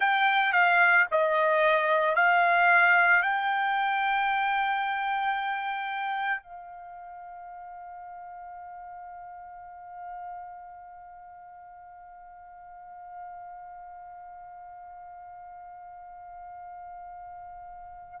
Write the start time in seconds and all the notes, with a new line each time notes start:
0.00 G5
0.52 F5
1.11 D#5
2.15 F5
3.22 G5
6.42 F5